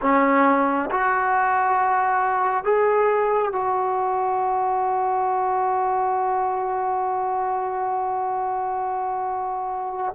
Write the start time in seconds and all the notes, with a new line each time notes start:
0.01 C#4
0.90 F#4
2.64 G#4
3.52 F#4